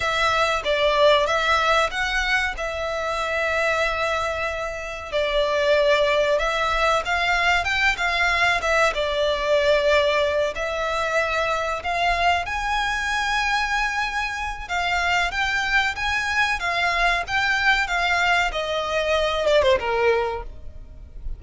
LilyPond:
\new Staff \with { instrumentName = "violin" } { \time 4/4 \tempo 4 = 94 e''4 d''4 e''4 fis''4 | e''1 | d''2 e''4 f''4 | g''8 f''4 e''8 d''2~ |
d''8 e''2 f''4 gis''8~ | gis''2. f''4 | g''4 gis''4 f''4 g''4 | f''4 dis''4. d''16 c''16 ais'4 | }